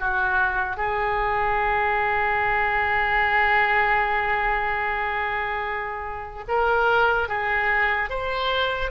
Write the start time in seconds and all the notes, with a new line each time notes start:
0.00 F#4
0.77 G#4
6.48 A#4
7.29 G#4
8.10 C5